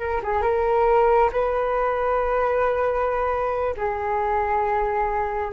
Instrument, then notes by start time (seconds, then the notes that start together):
flute
0.00 A#4
0.24 G#4
0.43 A#4
1.33 B4
3.78 G#4